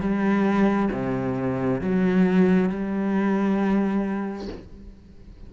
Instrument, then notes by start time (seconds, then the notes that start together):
cello
0.00 G3
0.91 C3
1.81 F#3
2.69 G3